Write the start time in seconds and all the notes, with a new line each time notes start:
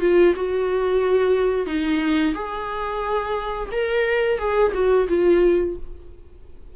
0.00 F4
0.36 F#4
1.66 D#4
2.34 G#4
3.71 A#4
4.39 G#4
4.74 F#4
5.08 F4